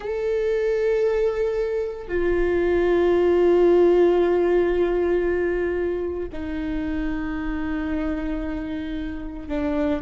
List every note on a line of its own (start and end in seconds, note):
0.00 2.08 A4
2.08 6.29 F4
6.32 9.48 D#4
9.48 10.01 D4